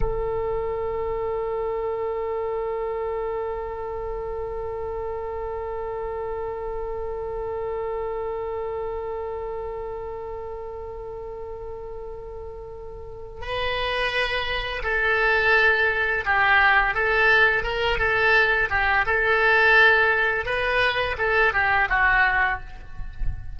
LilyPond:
\new Staff \with { instrumentName = "oboe" } { \time 4/4 \tempo 4 = 85 a'1~ | a'1~ | a'1~ | a'1~ |
a'2. b'4~ | b'4 a'2 g'4 | a'4 ais'8 a'4 g'8 a'4~ | a'4 b'4 a'8 g'8 fis'4 | }